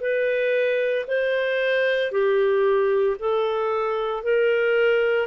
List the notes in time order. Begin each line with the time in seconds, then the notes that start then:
0.00 B4
1.07 C5
2.11 G4
3.19 A4
4.23 A#4